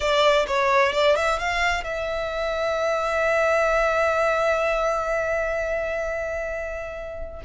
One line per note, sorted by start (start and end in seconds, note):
0.00 0.46 D5
0.47 0.92 C#5
0.92 1.15 D5
1.15 1.39 E5
1.39 1.84 F5
1.84 7.42 E5